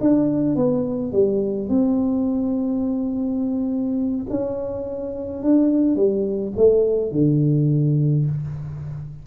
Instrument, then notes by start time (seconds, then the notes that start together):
tuba
0.00 D4
0.55 B3
1.12 G3
1.69 C4
4.29 C#4
5.42 D4
5.95 G3
6.56 A3
7.11 D3